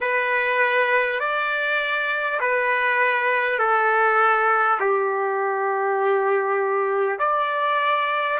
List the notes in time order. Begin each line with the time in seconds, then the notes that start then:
0.00 B4
1.19 D5
2.40 B4
3.58 A4
4.80 G4
7.18 D5